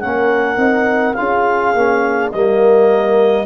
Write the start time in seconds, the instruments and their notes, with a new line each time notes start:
0.00 tuba A#3, trombone C#4, horn A#4, clarinet F#5
0.57 tuba C4, trombone D#4
1.14 tuba C#4, trombone F4, horn G#4, clarinet F5
1.74 tuba A#3, trombone C#4
2.31 tuba G3, trombone A#3, horn A#4, clarinet D#5